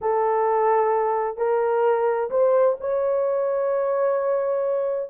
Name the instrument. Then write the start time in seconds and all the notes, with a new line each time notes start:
horn
0.01 A4
1.37 A#4
2.30 C5
2.80 C#5